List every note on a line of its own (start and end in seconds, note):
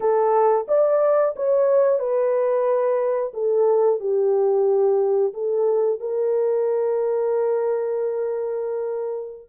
0.00 0.66 A4
0.68 1.34 D5
1.35 1.99 C#5
1.99 3.32 B4
3.33 4.00 A4
4.00 5.33 G4
5.33 6.00 A4
6.00 9.49 A#4